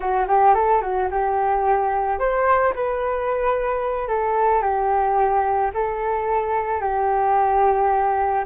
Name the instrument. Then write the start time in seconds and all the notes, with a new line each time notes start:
flute
0.00 F#4
0.27 G4
0.54 A4
0.81 F#4
1.10 G4
2.19 C5
2.75 B4
4.08 A4
4.62 G4
5.73 A4
6.81 G4